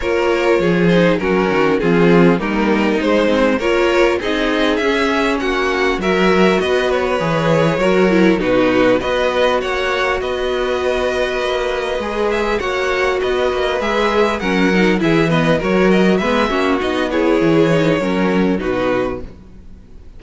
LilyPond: <<
  \new Staff \with { instrumentName = "violin" } { \time 4/4 \tempo 4 = 100 cis''4. c''8 ais'4 gis'4 | ais'4 c''4 cis''4 dis''4 | e''4 fis''4 e''4 dis''8 cis''8~ | cis''2 b'4 dis''4 |
fis''4 dis''2.~ | dis''8 e''8 fis''4 dis''4 e''4 | fis''4 e''8 dis''8 cis''8 dis''8 e''4 | dis''8 cis''2~ cis''8 b'4 | }
  \new Staff \with { instrumentName = "violin" } { \time 4/4 ais'4 gis'4 fis'4 f'4 | dis'2 ais'4 gis'4~ | gis'4 fis'4 ais'4 b'4~ | b'4 ais'4 fis'4 b'4 |
cis''4 b'2.~ | b'4 cis''4 b'2 | ais'4 gis'8 b'8 ais'4 b'8 fis'8~ | fis'8 gis'4. ais'4 fis'4 | }
  \new Staff \with { instrumentName = "viola" } { \time 4/4 f'4. dis'8 cis'4 c'4 | ais4 gis8 c'8 f'4 dis'4 | cis'2 fis'2 | gis'4 fis'8 e'8 dis'4 fis'4~ |
fis'1 | gis'4 fis'2 gis'4 | cis'8 dis'8 e'8 b8 fis'4 b8 cis'8 | dis'8 e'4 dis'8 cis'4 dis'4 | }
  \new Staff \with { instrumentName = "cello" } { \time 4/4 ais4 f4 fis8 dis8 f4 | g4 gis4 ais4 c'4 | cis'4 ais4 fis4 b4 | e4 fis4 b,4 b4 |
ais4 b2 ais4 | gis4 ais4 b8 ais8 gis4 | fis4 e4 fis4 gis8 ais8 | b4 e4 fis4 b,4 | }
>>